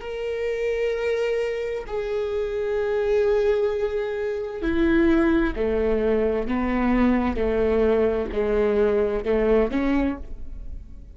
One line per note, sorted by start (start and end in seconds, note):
0.00 1.85 A#4
1.86 4.62 G#4
4.62 5.54 E4
5.55 6.47 A3
6.47 7.36 B3
7.36 8.28 A3
8.32 9.24 G#3
9.24 9.70 A3
9.70 10.17 C#4